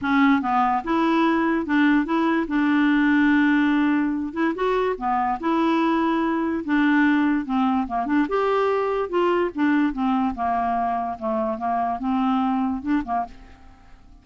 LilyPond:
\new Staff \with { instrumentName = "clarinet" } { \time 4/4 \tempo 4 = 145 cis'4 b4 e'2 | d'4 e'4 d'2~ | d'2~ d'8 e'8 fis'4 | b4 e'2. |
d'2 c'4 ais8 d'8 | g'2 f'4 d'4 | c'4 ais2 a4 | ais4 c'2 d'8 ais8 | }